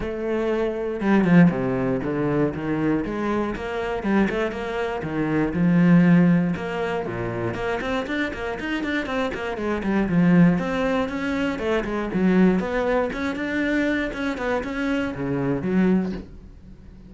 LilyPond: \new Staff \with { instrumentName = "cello" } { \time 4/4 \tempo 4 = 119 a2 g8 f8 c4 | d4 dis4 gis4 ais4 | g8 a8 ais4 dis4 f4~ | f4 ais4 ais,4 ais8 c'8 |
d'8 ais8 dis'8 d'8 c'8 ais8 gis8 g8 | f4 c'4 cis'4 a8 gis8 | fis4 b4 cis'8 d'4. | cis'8 b8 cis'4 cis4 fis4 | }